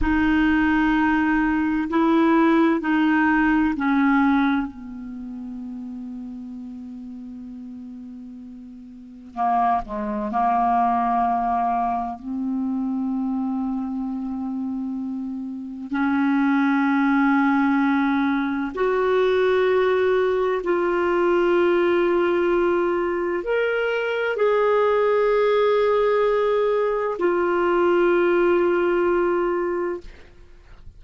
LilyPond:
\new Staff \with { instrumentName = "clarinet" } { \time 4/4 \tempo 4 = 64 dis'2 e'4 dis'4 | cis'4 b2.~ | b2 ais8 gis8 ais4~ | ais4 c'2.~ |
c'4 cis'2. | fis'2 f'2~ | f'4 ais'4 gis'2~ | gis'4 f'2. | }